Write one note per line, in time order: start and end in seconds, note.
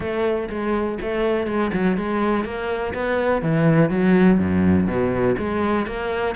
0.00 0.49 A3
0.49 0.98 G#3
1.01 1.46 A3
1.46 1.71 G#3
1.73 1.97 F#3
1.97 2.44 G#3
2.44 2.93 A#3
2.94 3.42 B3
3.42 3.90 E3
3.90 4.38 F#3
4.39 4.87 F#2
4.87 5.36 B2
5.38 5.86 G#3
5.86 6.35 A#3